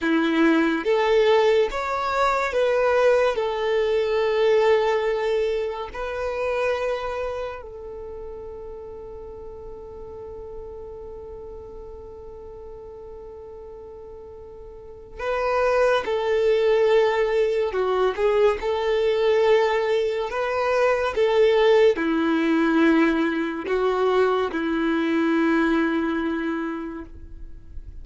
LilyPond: \new Staff \with { instrumentName = "violin" } { \time 4/4 \tempo 4 = 71 e'4 a'4 cis''4 b'4 | a'2. b'4~ | b'4 a'2.~ | a'1~ |
a'2 b'4 a'4~ | a'4 fis'8 gis'8 a'2 | b'4 a'4 e'2 | fis'4 e'2. | }